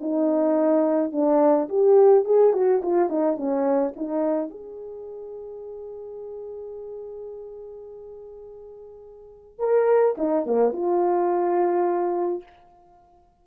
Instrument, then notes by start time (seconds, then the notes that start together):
horn
0.00 D#4
1.12 D4
1.69 G4
2.25 G#4
2.53 F#4
2.82 F4
3.09 D#4
3.37 C#4
3.96 D#4
4.49 G#4
9.59 A#4
10.17 D#4
10.46 A#3
10.73 F4